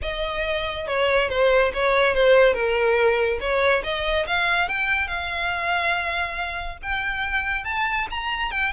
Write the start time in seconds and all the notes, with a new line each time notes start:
0.02 D#5
0.87 C#5
1.29 C5
1.73 C#5
2.14 C5
2.53 A#4
3.40 C#5
3.83 D#5
4.26 F5
4.68 G5
5.07 F5
6.82 G5
7.64 A5
8.10 A#5
8.51 G5